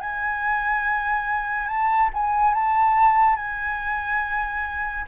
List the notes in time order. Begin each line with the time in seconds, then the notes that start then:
0.00 G#5
1.68 A5
2.14 G#5
2.54 A5
3.36 G#5